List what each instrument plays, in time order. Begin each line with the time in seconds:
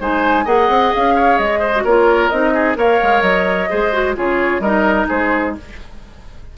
0.00 bassoon G#3, clarinet D#4, oboe C5, flute G#5
0.45 bassoon A#3, clarinet G#4, oboe D#5, flute F#5
0.69 bassoon C4
0.94 bassoon C#4, flute F5
1.16 oboe C#5
1.38 bassoon G#3, flute D#5
1.60 oboe C5
1.75 clarinet F#4
1.84 bassoon A#3, clarinet F4, oboe A#4, flute C#5
2.29 bassoon C4, clarinet D#4, flute D#5
2.54 oboe G#4
2.75 bassoon A#3, clarinet A#4, oboe C#5, flute F5
3.03 bassoon G#3
3.22 bassoon F#3, flute D#5
3.69 bassoon G#3, clarinet G#4, oboe C5
3.92 clarinet F#4
4.15 bassoon C#3, clarinet F4, oboe G#4, flute C#5
4.59 bassoon G3, clarinet D#4, oboe A#4, flute D#5
5.09 bassoon G#3, oboe G#4, flute C5